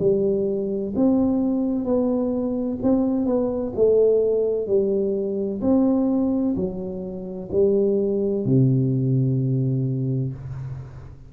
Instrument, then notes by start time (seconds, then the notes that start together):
tuba
0.00 G3
0.96 C4
1.85 B3
2.83 C4
3.26 B3
3.76 A3
4.67 G3
5.62 C4
6.56 F#3
7.52 G3
8.46 C3